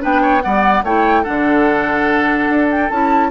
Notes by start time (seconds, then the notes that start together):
0.00 B3 D4 B4 G5
0.22 C#5
0.42 G3 B3 D5 F#5
0.83 A3 E4 C#5 G5
1.23 D3 D4 A4 F#5
2.49 D4
2.71 G5
2.90 C#4 E4 A5